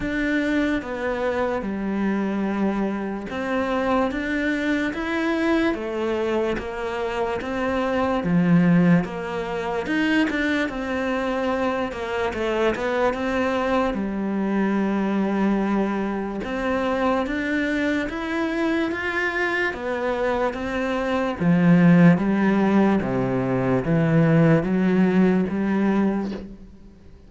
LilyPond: \new Staff \with { instrumentName = "cello" } { \time 4/4 \tempo 4 = 73 d'4 b4 g2 | c'4 d'4 e'4 a4 | ais4 c'4 f4 ais4 | dis'8 d'8 c'4. ais8 a8 b8 |
c'4 g2. | c'4 d'4 e'4 f'4 | b4 c'4 f4 g4 | c4 e4 fis4 g4 | }